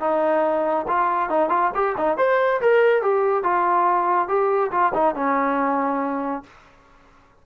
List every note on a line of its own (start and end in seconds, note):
0.00 0.86 D#4
0.88 1.30 F4
1.30 1.50 D#4
1.50 1.71 F4
1.75 1.96 G4
1.97 2.18 D#4
2.18 2.61 C5
2.61 3.03 A#4
3.03 3.44 G4
3.44 4.28 F4
4.28 4.71 G4
4.71 4.93 F4
4.94 5.15 D#4
5.15 6.44 C#4